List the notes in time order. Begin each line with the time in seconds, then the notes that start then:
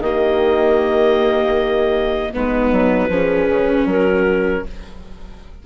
0.00 D#3 A#3 G4 D#5
2.34 G#3 B3 D#4 B4
2.72 F#3
3.09 F3 C#4 G#4
3.50 C#3
3.86 F#3 F#4 A#4